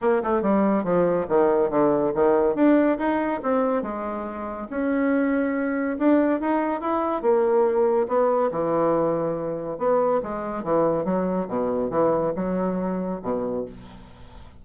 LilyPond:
\new Staff \with { instrumentName = "bassoon" } { \time 4/4 \tempo 4 = 141 ais8 a8 g4 f4 dis4 | d4 dis4 d'4 dis'4 | c'4 gis2 cis'4~ | cis'2 d'4 dis'4 |
e'4 ais2 b4 | e2. b4 | gis4 e4 fis4 b,4 | e4 fis2 b,4 | }